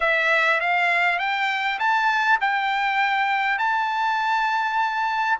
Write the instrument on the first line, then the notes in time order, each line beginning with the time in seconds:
trumpet
0.00 E5
0.60 F5
1.18 G5
1.79 A5
2.40 G5
3.58 A5